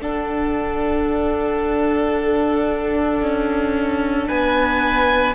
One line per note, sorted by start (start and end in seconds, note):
0.00 5.35 D4
0.00 3.22 D4
0.00 4.29 A4
0.00 4.29 F#5
3.22 4.29 C#4
4.29 5.35 B3
4.29 5.35 B4
4.29 5.35 G#5